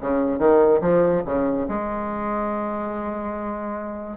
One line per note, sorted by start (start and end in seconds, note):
0.00 0.38 C#3
0.38 0.80 D#3
0.81 1.22 F3
1.25 1.67 C#3
1.68 4.17 G#3